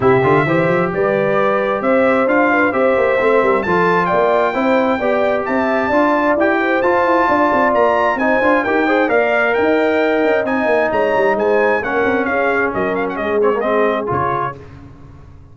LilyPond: <<
  \new Staff \with { instrumentName = "trumpet" } { \time 4/4 \tempo 4 = 132 e''2 d''2 | e''4 f''4 e''2 | a''4 g''2. | a''2 g''4 a''4~ |
a''4 ais''4 gis''4 g''4 | f''4 g''2 gis''4 | ais''4 gis''4 fis''4 f''4 | dis''8 f''16 fis''16 dis''8 cis''8 dis''4 cis''4 | }
  \new Staff \with { instrumentName = "horn" } { \time 4/4 g'4 c''4 b'2 | c''4. b'8 c''4. ais'8 | a'4 d''4 c''4 d''4 | e''4 d''4. c''4. |
d''2 c''4 ais'8 c''8 | d''4 dis''2. | cis''4 c''4 ais'4 gis'4 | ais'4 gis'2. | }
  \new Staff \with { instrumentName = "trombone" } { \time 4/4 e'8 f'8 g'2.~ | g'4 f'4 g'4 c'4 | f'2 e'4 g'4~ | g'4 f'4 g'4 f'4~ |
f'2 dis'8 f'8 g'8 gis'8 | ais'2. dis'4~ | dis'2 cis'2~ | cis'4. c'16 ais16 c'4 f'4 | }
  \new Staff \with { instrumentName = "tuba" } { \time 4/4 c8 d8 e8 f8 g2 | c'4 d'4 c'8 ais8 a8 g8 | f4 ais4 c'4 b4 | c'4 d'4 e'4 f'8 e'8 |
d'8 c'8 ais4 c'8 d'8 dis'4 | ais4 dis'4. cis'8 c'8 ais8 | gis8 g8 gis4 ais8 c'8 cis'4 | fis4 gis2 cis4 | }
>>